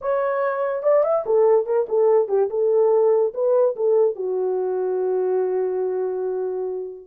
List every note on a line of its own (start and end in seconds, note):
0.01 0.82 C#5
0.82 1.03 D5
1.03 1.24 E5
1.25 1.66 A4
1.66 1.86 A#4
1.88 2.28 A4
2.28 2.49 G4
2.50 3.33 A4
3.33 3.75 B4
3.76 4.15 A4
4.15 7.07 F#4